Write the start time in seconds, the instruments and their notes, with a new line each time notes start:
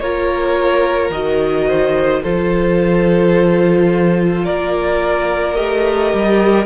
0.00 cello A#3, viola F4, violin A#4 C#5
1.10 cello D#3, viola F#4, violin D#5
1.68 violin C5
2.23 cello F3, viola F4, violin A4 C5
4.44 cello A#3, violin A#4 D5
5.55 cello A3, viola G4, violin D#5
6.14 cello G3